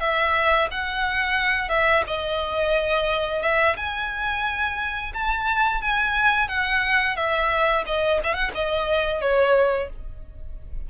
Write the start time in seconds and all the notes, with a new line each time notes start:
0.00 E5
0.71 F#5
1.69 E5
2.07 D#5
3.42 E5
3.77 G#5
5.14 A5
5.82 G#5
6.48 F#5
7.16 E5
7.86 D#5
8.23 E5
8.34 F#5
8.55 D#5
9.21 C#5